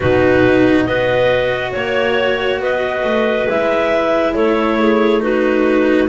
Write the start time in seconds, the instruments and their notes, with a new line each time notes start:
0.00 double bass B2, cello D#4, clarinet F#4 B4
0.85 double bass B3, cello F#4, clarinet B4 D#5
1.71 double bass A#3, clarinet C#5
2.59 double bass B3, clarinet B4 D#5
3.03 double bass A3
3.49 double bass G#3, cello E4, clarinet E5
4.34 double bass A3, clarinet A4 C#5
4.79 clarinet G#4
5.20 cello D#4, clarinet F#4 B4